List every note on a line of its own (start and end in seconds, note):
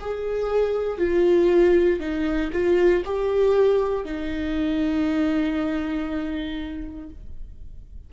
0.00 0.98 G#4
0.98 2.00 F4
2.00 2.51 D#4
2.52 3.03 F4
3.05 4.04 G4
4.04 7.10 D#4